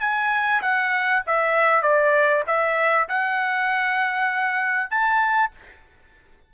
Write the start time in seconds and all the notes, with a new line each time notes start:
0.00 G#5
0.62 F#5
1.27 E5
1.82 D5
2.47 E5
3.08 F#5
4.90 A5